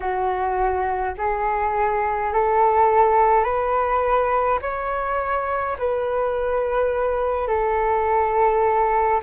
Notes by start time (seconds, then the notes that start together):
0.00 F#4
1.17 G#4
2.33 A4
3.44 B4
4.62 C#5
5.78 B4
7.47 A4